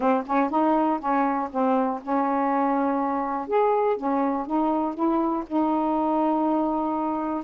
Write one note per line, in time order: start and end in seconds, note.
0.00 0.23 C4
0.26 0.50 C#4
0.50 0.99 D#4
0.99 1.49 C#4
1.51 2.00 C4
2.02 3.47 C#4
3.47 3.96 G#4
3.96 4.46 C#4
4.46 4.94 D#4
4.94 5.43 E4
5.47 7.43 D#4